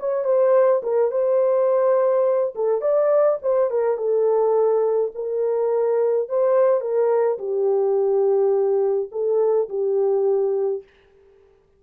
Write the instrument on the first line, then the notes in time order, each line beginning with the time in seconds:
horn
0.00 C#5
0.24 C5
0.83 A#4
1.11 C5
2.55 A4
2.81 D5
3.42 C5
3.71 A#4
3.97 A4
5.15 A#4
6.29 C5
6.81 A#4
7.38 G4
9.12 A4
9.69 G4